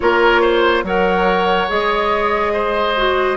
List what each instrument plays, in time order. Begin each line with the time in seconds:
0.00 bassoon A#3, clarinet F4, oboe A#4, flute C#5
0.41 oboe C5
0.83 bassoon F#3, clarinet A#4, oboe C#5, flute F#5
1.68 bassoon G#3, clarinet G#4, flute D#5
2.53 oboe C5
2.96 clarinet F#4